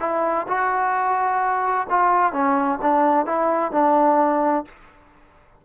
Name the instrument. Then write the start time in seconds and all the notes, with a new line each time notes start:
trombone
0.00 E4
0.48 F#4
1.90 F4
2.32 C#4
2.82 D4
3.26 E4
3.72 D4